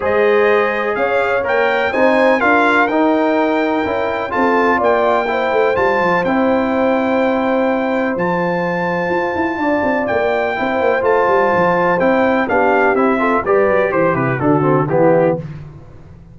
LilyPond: <<
  \new Staff \with { instrumentName = "trumpet" } { \time 4/4 \tempo 4 = 125 dis''2 f''4 g''4 | gis''4 f''4 g''2~ | g''4 a''4 g''2 | a''4 g''2.~ |
g''4 a''2.~ | a''4 g''2 a''4~ | a''4 g''4 f''4 e''4 | d''4 c''8 b'8 a'4 g'4 | }
  \new Staff \with { instrumentName = "horn" } { \time 4/4 c''2 cis''2 | c''4 ais'2.~ | ais'4 a'4 d''4 c''4~ | c''1~ |
c''1 | d''2 c''2~ | c''2 g'4. a'8 | b'4 c''8 e'8 fis'4 e'4 | }
  \new Staff \with { instrumentName = "trombone" } { \time 4/4 gis'2. ais'4 | dis'4 f'4 dis'2 | e'4 f'2 e'4 | f'4 e'2.~ |
e'4 f'2.~ | f'2 e'4 f'4~ | f'4 e'4 d'4 e'8 f'8 | g'2 d'8 c'8 b4 | }
  \new Staff \with { instrumentName = "tuba" } { \time 4/4 gis2 cis'4 ais4 | c'4 d'4 dis'2 | cis'4 c'4 ais4. a8 | g8 f8 c'2.~ |
c'4 f2 f'8 e'8 | d'8 c'8 ais4 c'8 ais8 a8 g8 | f4 c'4 b4 c'4 | g8 fis8 e8 c8 d4 e4 | }
>>